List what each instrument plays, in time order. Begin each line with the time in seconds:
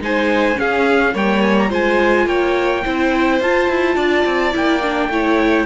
0.00 cello G#3, viola D#4, violin C5, trumpet G#5
0.54 viola C#4, violin G#4, trumpet F5
0.61 cello C#4
1.14 cello G3, viola A#3, violin C#5, trumpet G5
1.42 trumpet G#5
1.58 trumpet A#5
1.69 cello G#3, viola F4, violin C5, trumpet G#5
2.26 cello A#3, violin C#5, trumpet G5
2.84 cello C4, viola E4, violin C5
3.40 cello F4, viola F4, trumpet A5
3.69 cello E4
3.96 cello D4, violin D5
4.26 cello C4
4.53 cello A#3, viola E4, trumpet G5
4.83 viola D4
5.09 cello A3, viola E4, violin C#5